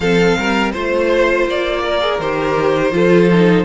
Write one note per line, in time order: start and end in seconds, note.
0.00 0.37 F3
0.00 0.74 C4
0.00 0.37 A4
0.00 0.72 F5
0.37 0.74 G3
0.37 0.72 A#4
0.72 1.47 A3
0.72 2.00 F4
0.72 1.82 C5
0.72 1.47 C5
1.47 2.19 A#3
1.47 2.20 D5
1.83 2.93 A#4
2.00 2.18 G#4
2.19 2.91 D#3
2.19 2.92 G4
2.19 3.64 C5
2.91 3.64 F3
2.91 3.29 F4
2.91 3.64 A4
3.33 3.64 D#4